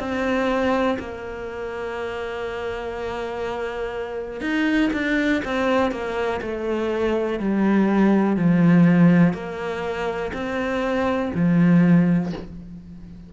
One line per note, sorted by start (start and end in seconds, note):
0.00 0.98 C4
1.00 4.42 A#3
4.42 4.91 D#4
4.93 5.42 D4
5.45 5.92 C4
5.92 6.41 A#3
6.42 7.39 A3
7.39 8.37 G3
8.37 9.34 F3
9.34 10.32 A#3
10.34 11.32 C4
11.35 12.33 F3